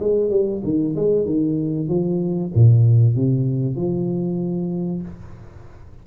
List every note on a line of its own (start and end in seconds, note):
0.00 0.30 G#3
0.30 0.62 G3
0.64 0.95 D#3
0.96 1.25 G#3
1.25 1.88 D#3
1.88 2.51 F3
2.55 3.16 A#2
3.16 3.76 C3
3.76 5.02 F3